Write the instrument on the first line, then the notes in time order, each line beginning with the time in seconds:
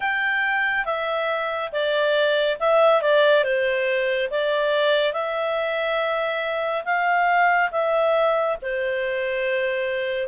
clarinet
0.00 G5
0.85 E5
1.71 D5
2.59 E5
3.01 D5
3.44 C5
4.30 D5
5.12 E5
6.84 F5
7.71 E5
8.62 C5